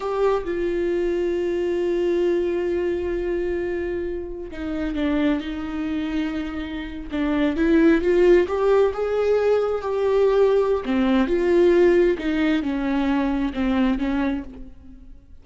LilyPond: \new Staff \with { instrumentName = "viola" } { \time 4/4 \tempo 4 = 133 g'4 f'2.~ | f'1~ | f'2 dis'4 d'4 | dis'2.~ dis'8. d'16~ |
d'8. e'4 f'4 g'4 gis'16~ | gis'4.~ gis'16 g'2~ g'16 | c'4 f'2 dis'4 | cis'2 c'4 cis'4 | }